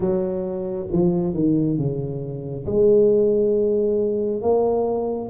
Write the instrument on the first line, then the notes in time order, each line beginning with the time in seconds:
tuba
0.00 F#3
0.91 F3
1.33 D#3
1.77 C#3
2.66 G#3
4.41 A#3